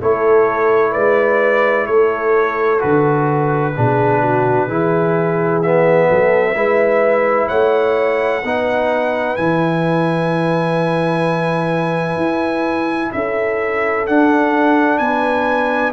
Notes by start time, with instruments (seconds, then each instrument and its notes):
0.00 tuba A3, trombone E4, horn A4, trumpet C#5
0.92 tuba G#3, horn B4, trumpet D5
1.87 tuba A3, horn A4, trumpet C#5
2.79 tuba D3, trombone F#4, trumpet B4
3.76 tuba B2, trombone D4, horn G#4
4.21 horn F#4
4.68 tuba E3, trombone E4, horn G#4
5.62 trombone B3, trumpet E5
6.09 tuba F#3, horn A4
6.55 tuba G#3, trombone E4, horn B4
7.48 tuba A3, horn C#5, trumpet F#5
8.43 tuba B3, trombone D#4, horn B4
9.36 tuba E3, trombone E4, trumpet G#5
12.16 tuba E4
13.12 tuba C#4, horn A4, trumpet E5
14.06 trombone D4, tuba D4, trumpet F#5
14.98 tuba B3, horn B4, trumpet G#5